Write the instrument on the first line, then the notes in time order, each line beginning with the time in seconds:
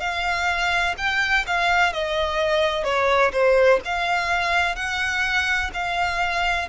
violin
0.00 F5
0.97 G5
1.47 F5
1.93 D#5
2.84 C#5
3.32 C5
3.85 F5
4.76 F#5
5.74 F5